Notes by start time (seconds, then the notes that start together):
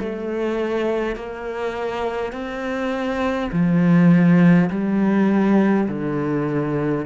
0.00 A3
1.16 A#3
2.33 C4
3.52 F3
4.71 G3
5.89 D3